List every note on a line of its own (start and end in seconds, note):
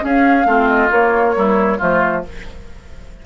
0.00 0.44 C#4
0.00 0.45 C#4
0.00 0.47 G#4
0.00 0.68 F5
0.45 0.89 A3
0.45 0.90 C4
0.45 1.35 F4
0.68 0.90 D#5
0.90 1.78 A#3
0.90 1.35 A#3
0.90 1.80 C#5
1.35 1.79 G3
1.35 1.78 E4
1.78 2.25 F3
1.78 2.23 A3
1.78 2.22 F4
1.78 2.24 C5